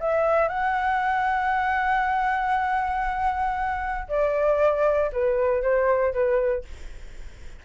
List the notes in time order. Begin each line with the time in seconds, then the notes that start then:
0.00 E5
0.48 F#5
4.08 D5
5.12 B4
5.62 C5
6.13 B4